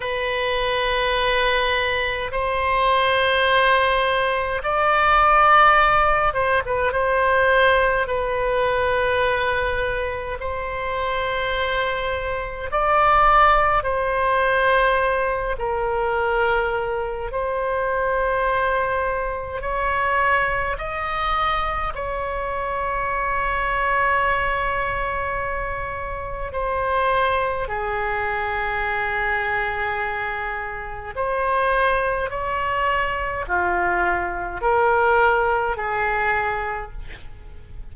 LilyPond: \new Staff \with { instrumentName = "oboe" } { \time 4/4 \tempo 4 = 52 b'2 c''2 | d''4. c''16 b'16 c''4 b'4~ | b'4 c''2 d''4 | c''4. ais'4. c''4~ |
c''4 cis''4 dis''4 cis''4~ | cis''2. c''4 | gis'2. c''4 | cis''4 f'4 ais'4 gis'4 | }